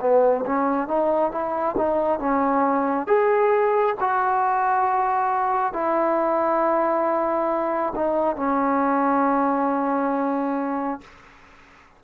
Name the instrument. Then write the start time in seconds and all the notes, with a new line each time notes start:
trombone
0.00 B3
0.46 C#4
0.87 D#4
1.31 E4
1.77 D#4
2.19 C#4
3.07 G#4
4.00 F#4
5.73 E4
7.95 D#4
8.36 C#4